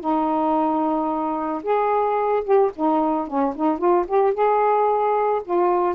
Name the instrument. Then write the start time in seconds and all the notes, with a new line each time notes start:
saxophone
0.00 D#4
1.62 G#4
2.44 G4
2.75 D#4
3.27 C#4
3.56 D#4
3.78 F4
4.07 G4
4.34 G#4
5.44 F4